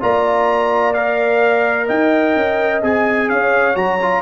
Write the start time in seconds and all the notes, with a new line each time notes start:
0.00 A#3 F4 D5 A#5
0.93 A#4 F5
1.86 D#4 D#5 G5
2.35 C#4
2.82 C4 G#4 G#5
3.28 C#4 C#5 F5
3.74 F#3 F#4 A#5
4.02 F4